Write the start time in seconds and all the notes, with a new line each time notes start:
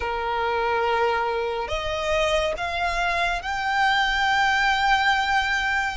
0.00 A#4
1.68 D#5
2.57 F5
3.42 G5